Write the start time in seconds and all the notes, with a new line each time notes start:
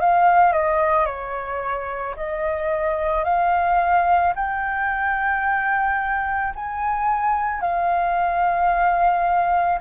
0.00 F5
0.52 D#5
1.06 C#5
2.16 D#5
3.24 F5
4.35 G5
6.55 G#5
7.61 F5